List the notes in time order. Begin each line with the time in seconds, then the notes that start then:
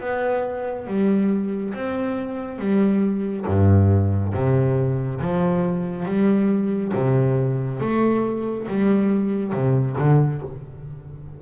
0.00 B3
0.87 G3
1.74 C4
2.58 G3
3.46 G2
4.34 C3
5.21 F3
6.05 G3
6.94 C3
7.80 A3
8.68 G3
9.53 C3
9.98 D3